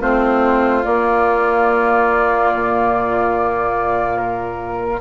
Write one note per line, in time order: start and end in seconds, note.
0.00 0.84 A3
0.00 0.83 C4
0.00 5.00 F4
0.00 0.84 C5
0.84 5.01 A#3
0.84 2.52 A#3
0.84 4.17 D5
2.54 5.01 A#2
4.17 5.01 A#4